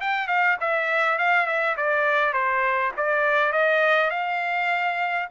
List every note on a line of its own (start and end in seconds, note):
0.00 0.27 G5
0.27 0.57 F5
0.60 1.18 E5
1.18 1.46 F5
1.46 1.75 E5
1.76 2.33 D5
2.33 2.91 C5
2.97 3.52 D5
3.52 4.10 D#5
4.10 5.28 F5